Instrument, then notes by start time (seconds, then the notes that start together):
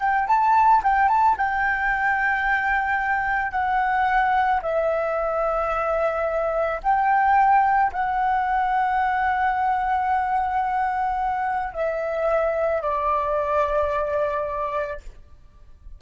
flute
0.00 G5
0.28 A5
0.84 G5
1.09 A5
1.37 G5
3.52 F#5
4.63 E5
6.83 G5
7.93 F#5
11.73 E5
12.82 D5